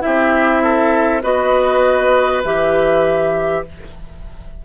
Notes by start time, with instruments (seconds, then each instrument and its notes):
0.00 bassoon C4, clarinet E4, oboe G4, flute E5
0.63 oboe A4
1.23 bassoon B3, clarinet F#4, oboe B4, flute D#5
2.44 bassoon E3, clarinet G4, flute E5